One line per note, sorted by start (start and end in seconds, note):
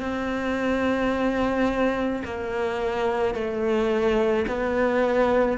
0.00 2.22 C4
2.25 3.35 A#3
3.35 4.46 A3
4.48 5.58 B3